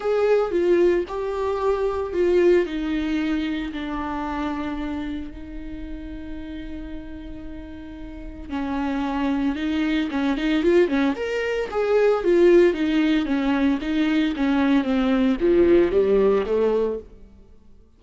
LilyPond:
\new Staff \with { instrumentName = "viola" } { \time 4/4 \tempo 4 = 113 gis'4 f'4 g'2 | f'4 dis'2 d'4~ | d'2 dis'2~ | dis'1 |
cis'2 dis'4 cis'8 dis'8 | f'8 cis'8 ais'4 gis'4 f'4 | dis'4 cis'4 dis'4 cis'4 | c'4 f4 g4 a4 | }